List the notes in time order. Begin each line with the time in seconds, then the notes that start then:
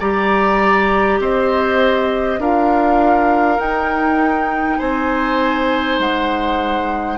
0.00 G3 G4 D5 A#5
1.20 C4 C5 D#5
2.39 D4 F4 A#4 F5
3.59 D#4 G5
4.79 C4 C5 G#5
5.99 G#3 F#5